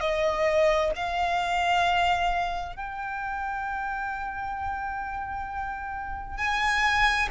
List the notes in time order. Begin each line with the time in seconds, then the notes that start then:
0.00 D#5
0.95 F5
2.76 G5
6.37 G#5